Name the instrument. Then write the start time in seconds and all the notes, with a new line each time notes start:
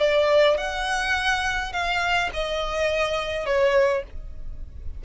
violin
0.00 D5
0.57 F#5
1.73 F5
2.33 D#5
3.46 C#5